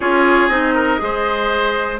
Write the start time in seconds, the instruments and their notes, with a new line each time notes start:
0.00 bassoon C#4, clarinet F4, oboe G#4, flute C#5
0.48 bassoon C4, clarinet D#4, flute D#5
0.74 oboe A#4
0.98 bassoon G#3, clarinet G#4, oboe C5